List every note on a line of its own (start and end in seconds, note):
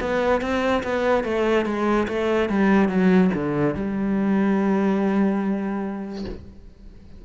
0.00 0.41 B3
0.41 0.83 C4
0.83 1.23 B3
1.23 1.65 A3
1.65 2.07 G#3
2.08 2.49 A3
2.49 2.88 G3
2.88 3.30 F#3
3.34 3.74 D3
3.74 6.24 G3